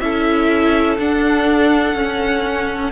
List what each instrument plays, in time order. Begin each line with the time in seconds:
0.00 cello C#4, viola E4, violin A4 E5
0.99 cello D4, viola D4, violin F#5
1.95 cello C#4, viola C#4